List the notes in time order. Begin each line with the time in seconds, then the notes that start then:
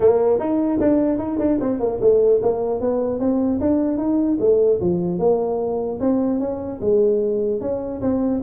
0.00 A#3
0.39 D#4
0.80 D4
1.18 D#4
1.38 D4
1.60 C4
1.79 A#3
2.01 A3
2.41 A#3
2.80 B3
3.19 C4
3.60 D4
3.97 D#4
4.39 A3
4.80 F3
5.19 A#3
5.99 C4
6.39 C#4
6.80 G#3
7.61 C#4
8.01 C4